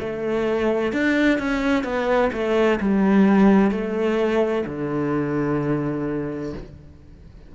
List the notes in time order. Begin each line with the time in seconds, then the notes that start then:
0.00 A3
0.93 D4
1.39 C#4
1.84 B3
2.33 A3
2.81 G3
3.71 A3
4.66 D3